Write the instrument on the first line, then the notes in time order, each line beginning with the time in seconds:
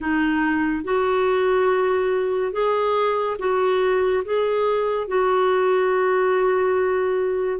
clarinet
0.00 D#4
0.84 F#4
2.52 G#4
3.38 F#4
4.24 G#4
5.07 F#4